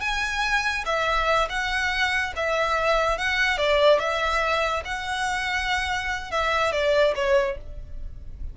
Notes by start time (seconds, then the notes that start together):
0.00 G#5
0.85 E5
1.49 F#5
2.36 E5
3.18 F#5
3.57 D5
3.99 E5
4.85 F#5
6.31 E5
6.72 D5
7.15 C#5